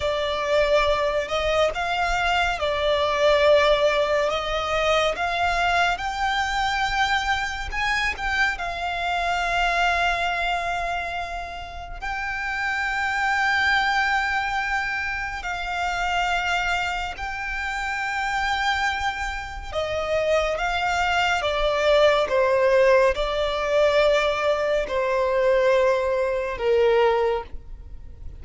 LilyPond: \new Staff \with { instrumentName = "violin" } { \time 4/4 \tempo 4 = 70 d''4. dis''8 f''4 d''4~ | d''4 dis''4 f''4 g''4~ | g''4 gis''8 g''8 f''2~ | f''2 g''2~ |
g''2 f''2 | g''2. dis''4 | f''4 d''4 c''4 d''4~ | d''4 c''2 ais'4 | }